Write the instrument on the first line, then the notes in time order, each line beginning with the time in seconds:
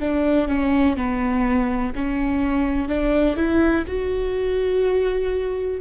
viola
0.00 D4
0.48 C#4
0.97 B3
1.95 C#4
2.89 D4
3.37 E4
3.88 F#4